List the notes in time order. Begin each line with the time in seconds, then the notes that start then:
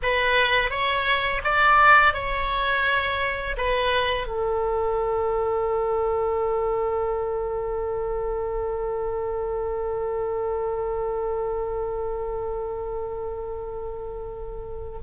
0.02 B4
0.70 C#5
1.44 D5
2.13 C#5
3.57 B4
4.27 A4